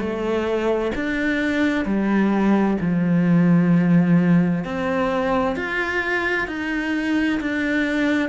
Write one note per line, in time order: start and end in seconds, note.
0.00 0.92 A3
0.96 1.85 D4
1.85 2.78 G3
2.81 4.65 F3
4.65 5.56 C4
5.56 6.48 F4
6.48 7.40 D#4
7.41 8.30 D4